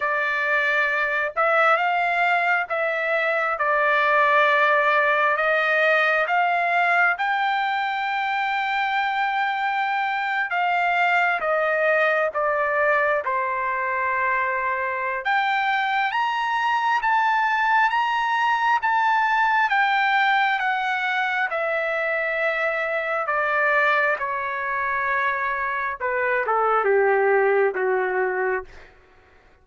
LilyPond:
\new Staff \with { instrumentName = "trumpet" } { \time 4/4 \tempo 4 = 67 d''4. e''8 f''4 e''4 | d''2 dis''4 f''4 | g''2.~ g''8. f''16~ | f''8. dis''4 d''4 c''4~ c''16~ |
c''4 g''4 ais''4 a''4 | ais''4 a''4 g''4 fis''4 | e''2 d''4 cis''4~ | cis''4 b'8 a'8 g'4 fis'4 | }